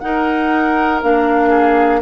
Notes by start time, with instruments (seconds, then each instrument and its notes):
0.00 clarinet D#4, bassoon D#4, oboe A#4, flute F#5
1.02 bassoon A#3, clarinet D4, flute F5
1.50 oboe G#4